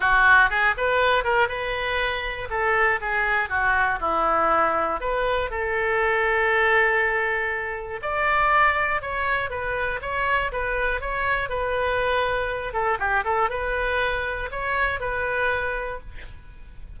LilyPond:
\new Staff \with { instrumentName = "oboe" } { \time 4/4 \tempo 4 = 120 fis'4 gis'8 b'4 ais'8 b'4~ | b'4 a'4 gis'4 fis'4 | e'2 b'4 a'4~ | a'1 |
d''2 cis''4 b'4 | cis''4 b'4 cis''4 b'4~ | b'4. a'8 g'8 a'8 b'4~ | b'4 cis''4 b'2 | }